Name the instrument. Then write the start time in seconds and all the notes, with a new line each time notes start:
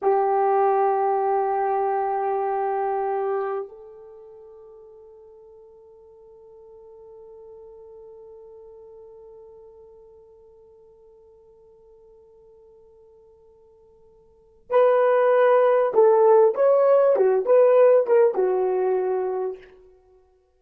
horn
0.01 G4
3.68 A4
14.70 B4
15.94 A4
16.54 C#5
17.16 F#4
17.45 B4
18.06 A#4
18.35 F#4